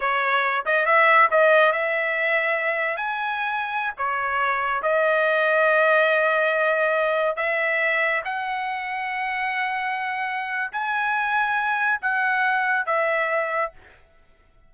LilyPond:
\new Staff \with { instrumentName = "trumpet" } { \time 4/4 \tempo 4 = 140 cis''4. dis''8 e''4 dis''4 | e''2. gis''4~ | gis''4~ gis''16 cis''2 dis''8.~ | dis''1~ |
dis''4~ dis''16 e''2 fis''8.~ | fis''1~ | fis''4 gis''2. | fis''2 e''2 | }